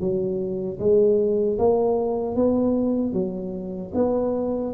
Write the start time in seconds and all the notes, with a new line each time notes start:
0.00 F#3
0.79 G#3
1.58 A#3
2.35 B3
3.13 F#3
3.94 B3